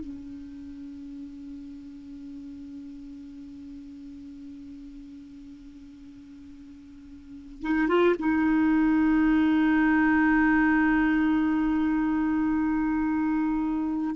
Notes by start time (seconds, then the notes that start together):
0.00 C#4
7.62 D#4
7.88 F4
8.19 D#4